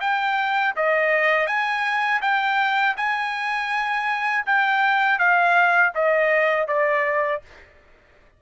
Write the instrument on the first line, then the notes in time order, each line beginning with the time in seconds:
trumpet
0.00 G5
0.76 D#5
1.46 G#5
2.22 G5
2.96 G#5
4.46 G5
5.19 F5
5.94 D#5
6.67 D5